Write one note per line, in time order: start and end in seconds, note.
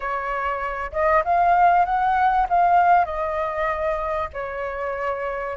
0.00 0.91 C#5
0.92 1.23 D#5
1.24 1.85 F5
1.85 2.47 F#5
2.49 3.05 F5
3.05 4.28 D#5
4.33 5.56 C#5